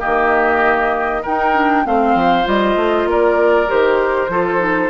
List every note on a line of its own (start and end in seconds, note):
0.00 1.26 D#3
0.00 1.23 A#3
0.00 1.22 G4
0.00 1.24 D#5
1.23 1.55 D#4
1.23 1.86 D#4
1.23 1.84 A#4
1.23 1.87 G5
1.55 1.85 D4
1.85 2.14 A3
1.85 2.45 C4
1.85 3.10 C5
1.85 2.48 F5
2.14 2.45 F3
2.45 2.76 G3
2.45 3.67 F4
2.45 3.10 D#5
2.76 3.06 A3
3.06 3.67 A#3
3.06 4.31 A#4
3.06 3.71 D5
3.68 4.29 D#3
3.68 4.29 G4
3.68 4.90 C5
4.29 4.90 F3
4.29 4.59 F4
4.29 4.90 A4
4.59 4.89 D#4